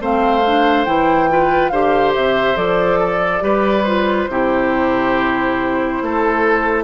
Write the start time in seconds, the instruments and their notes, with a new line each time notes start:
0.00 bassoon A3, clarinet C4, oboe C5, flute F5
0.47 clarinet D4
0.85 bassoon E3, clarinet E4, flute G5
1.29 clarinet F4, oboe B4
1.69 bassoon D3, clarinet G4, oboe C5, flute F5
2.15 bassoon C3, flute E5
2.56 bassoon F3, clarinet A4, flute D5
3.00 oboe A4
3.41 bassoon G3, clarinet G4, oboe B4
3.83 clarinet F4, flute C5
4.28 bassoon C3, clarinet E4, oboe G4
6.02 bassoon A3, oboe A4